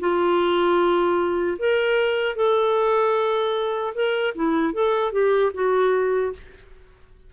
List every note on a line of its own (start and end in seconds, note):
0.00 1.58 F4
1.59 2.36 A#4
2.36 3.94 A4
3.95 4.35 A#4
4.35 4.74 E4
4.74 5.12 A4
5.12 5.52 G4
5.54 6.33 F#4